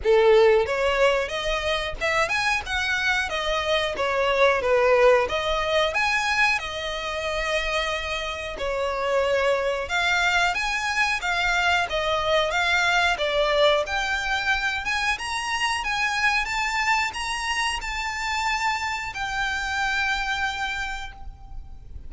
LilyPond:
\new Staff \with { instrumentName = "violin" } { \time 4/4 \tempo 4 = 91 a'4 cis''4 dis''4 e''8 gis''8 | fis''4 dis''4 cis''4 b'4 | dis''4 gis''4 dis''2~ | dis''4 cis''2 f''4 |
gis''4 f''4 dis''4 f''4 | d''4 g''4. gis''8 ais''4 | gis''4 a''4 ais''4 a''4~ | a''4 g''2. | }